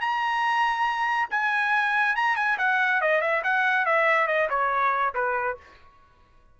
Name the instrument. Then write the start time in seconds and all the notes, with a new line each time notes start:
trumpet
0.00 A#5
1.30 G#5
2.15 A#5
2.36 G#5
2.58 F#5
3.01 D#5
3.21 E5
3.43 F#5
3.86 E5
4.27 D#5
4.49 C#5
5.14 B4